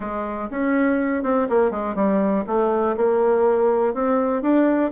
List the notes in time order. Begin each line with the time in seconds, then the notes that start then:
0.00 G#3
0.50 C#4
1.23 C4
1.49 A#3
1.71 G#3
1.95 G3
2.46 A3
2.96 A#3
3.94 C4
4.42 D4